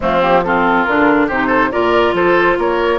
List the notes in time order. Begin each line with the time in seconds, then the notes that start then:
0.00 F3 A3 C4 F4
0.21 A#3 G4
0.44 C4 F4 A4
0.84 D3 D4 A#4
1.27 C3 D#4 G4 C5
1.47 A4
1.71 A#2 F4 A#4 D5
2.13 F3 A4 C5
2.57 A#3 A#4 C#5